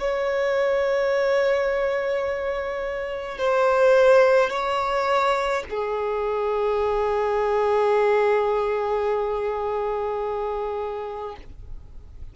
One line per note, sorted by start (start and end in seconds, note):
0.00 3.39 C#5
3.39 4.51 C5
4.51 5.64 C#5
5.71 11.37 G#4